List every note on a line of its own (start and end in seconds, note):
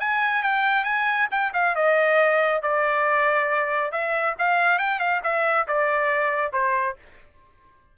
0.00 0.43 G#5
0.43 0.85 G5
0.85 1.28 G#5
1.31 1.53 G5
1.54 1.75 F5
1.76 2.63 D#5
2.63 3.92 D5
3.92 4.36 E5
4.39 4.79 F5
4.79 5.00 G5
5.00 5.22 F5
5.24 5.67 E5
5.68 6.53 D5
6.53 6.96 C5